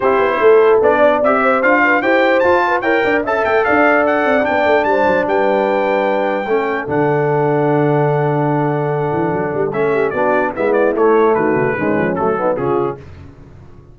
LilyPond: <<
  \new Staff \with { instrumentName = "trumpet" } { \time 4/4 \tempo 4 = 148 c''2 d''4 e''4 | f''4 g''4 a''4 g''4 | a''8 g''8 f''4 fis''4 g''4 | a''4 g''2.~ |
g''4 fis''2.~ | fis''1 | e''4 d''4 e''8 d''8 cis''4 | b'2 a'4 gis'4 | }
  \new Staff \with { instrumentName = "horn" } { \time 4/4 g'4 a'4. d''4 c''8~ | c''8 b'8 c''4. b'8 cis''8 d''8 | e''4 d''2. | c''4 b'2. |
a'1~ | a'1~ | a'8 g'8 fis'4 e'2 | fis'4 cis'4. dis'8 f'4 | }
  \new Staff \with { instrumentName = "trombone" } { \time 4/4 e'2 d'4 g'4 | f'4 g'4 f'4 ais'4 | a'2. d'4~ | d'1 |
cis'4 d'2.~ | d'1 | cis'4 d'4 b4 a4~ | a4 gis4 a8 b8 cis'4 | }
  \new Staff \with { instrumentName = "tuba" } { \time 4/4 c'8 b8 a4 b4 c'4 | d'4 e'4 f'4 e'8 d'8 | cis'8 a8 d'4. c'8 b8 a8 | g8 fis8 g2. |
a4 d2.~ | d2~ d8 e8 fis8 g8 | a4 b4 gis4 a4 | dis8 cis8 dis8 f8 fis4 cis4 | }
>>